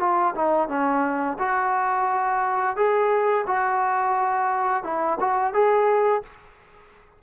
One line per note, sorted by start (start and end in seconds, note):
0.00 0.34 F4
0.35 0.69 D#4
0.69 1.38 C#4
1.39 2.77 F#4
2.77 3.46 G#4
3.47 4.84 F#4
4.84 5.18 E4
5.20 5.54 F#4
5.54 6.23 G#4